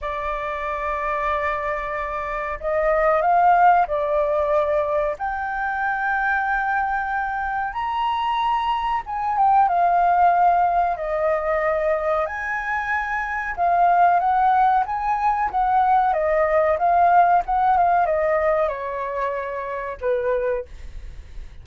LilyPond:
\new Staff \with { instrumentName = "flute" } { \time 4/4 \tempo 4 = 93 d''1 | dis''4 f''4 d''2 | g''1 | ais''2 gis''8 g''8 f''4~ |
f''4 dis''2 gis''4~ | gis''4 f''4 fis''4 gis''4 | fis''4 dis''4 f''4 fis''8 f''8 | dis''4 cis''2 b'4 | }